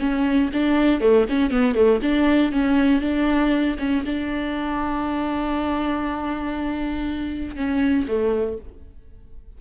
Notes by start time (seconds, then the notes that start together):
0.00 C#4
0.53 D4
1.01 A3
1.29 C#4
1.51 B3
1.75 A3
2.03 D4
2.53 C#4
3.02 D4
3.79 C#4
4.06 D4
7.57 C#4
8.08 A3